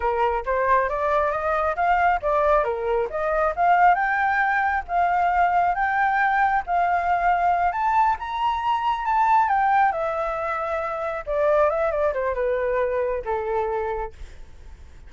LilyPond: \new Staff \with { instrumentName = "flute" } { \time 4/4 \tempo 4 = 136 ais'4 c''4 d''4 dis''4 | f''4 d''4 ais'4 dis''4 | f''4 g''2 f''4~ | f''4 g''2 f''4~ |
f''4. a''4 ais''4.~ | ais''8 a''4 g''4 e''4.~ | e''4. d''4 e''8 d''8 c''8 | b'2 a'2 | }